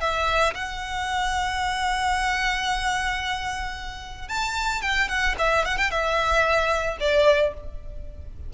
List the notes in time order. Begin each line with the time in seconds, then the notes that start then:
0.00 E5
0.54 F#5
4.28 A5
4.81 G5
5.08 F#5
5.38 E5
5.65 F#5
5.77 G5
5.91 E5
7.00 D5